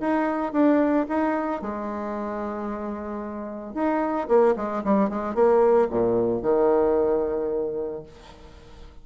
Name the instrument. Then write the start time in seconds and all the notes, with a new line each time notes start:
bassoon
0.00 D#4
0.52 D4
1.09 D#4
1.62 G#3
3.74 D#4
4.28 A#3
4.56 G#3
4.84 G3
5.09 G#3
5.34 A#3
5.90 A#2
6.42 D#3